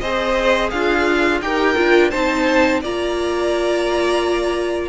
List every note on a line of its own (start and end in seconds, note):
0.00 0.71 C4
0.00 1.42 G#4
0.00 0.71 C5
0.00 0.70 D#5
0.71 1.41 D4
0.71 1.44 F4
0.71 1.40 F5
1.41 1.76 D#4
1.41 1.76 G4
1.41 2.11 A#4
1.41 2.10 G5
1.76 2.14 D4
1.76 2.11 F4
2.10 2.83 C4
2.10 2.82 D#4
2.10 2.80 C5
2.10 2.80 A5
2.81 4.89 A#3
2.81 4.89 F4
2.81 4.89 D5
2.81 4.89 A#5